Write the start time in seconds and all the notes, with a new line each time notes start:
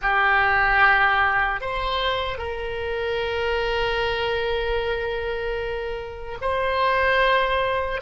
0.01 G4
1.60 C5
2.37 A#4
6.41 C5